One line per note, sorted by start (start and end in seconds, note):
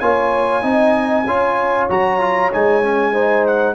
0.00 0.63 A#3
0.00 0.62 F4
0.00 0.63 C#5
0.00 1.88 G#5
0.62 1.26 C4
0.62 1.25 D#4
0.62 1.27 D#5
1.26 1.88 C#4
1.26 1.90 F4
1.26 3.13 C#5
1.89 2.52 F#3
1.89 2.20 F#4
1.89 2.52 A#5
2.20 2.51 F4
2.52 3.75 G#3
2.52 2.82 D#4
2.52 3.46 G#5
2.82 3.14 C#4
3.13 3.75 D#4
3.13 3.75 C5
3.46 3.75 F#5